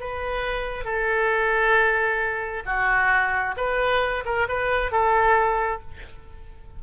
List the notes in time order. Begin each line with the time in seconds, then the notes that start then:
0.00 B4
0.84 A4
2.65 F#4
3.57 B4
4.25 A#4
4.48 B4
4.91 A4